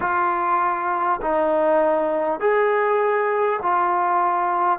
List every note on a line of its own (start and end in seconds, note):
0.00 1.20 F4
1.21 2.39 D#4
2.39 3.59 G#4
3.62 4.79 F4